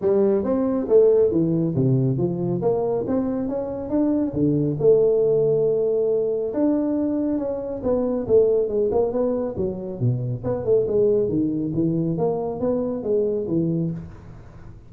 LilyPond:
\new Staff \with { instrumentName = "tuba" } { \time 4/4 \tempo 4 = 138 g4 c'4 a4 e4 | c4 f4 ais4 c'4 | cis'4 d'4 d4 a4~ | a2. d'4~ |
d'4 cis'4 b4 a4 | gis8 ais8 b4 fis4 b,4 | b8 a8 gis4 dis4 e4 | ais4 b4 gis4 e4 | }